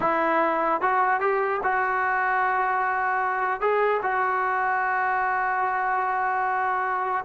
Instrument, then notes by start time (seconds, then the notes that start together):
trombone
0.00 E4
0.81 F#4
1.20 G4
1.63 F#4
3.60 G#4
4.02 F#4